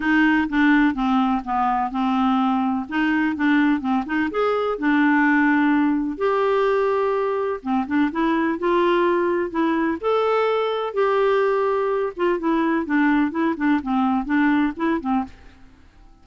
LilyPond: \new Staff \with { instrumentName = "clarinet" } { \time 4/4 \tempo 4 = 126 dis'4 d'4 c'4 b4 | c'2 dis'4 d'4 | c'8 dis'8 gis'4 d'2~ | d'4 g'2. |
c'8 d'8 e'4 f'2 | e'4 a'2 g'4~ | g'4. f'8 e'4 d'4 | e'8 d'8 c'4 d'4 e'8 c'8 | }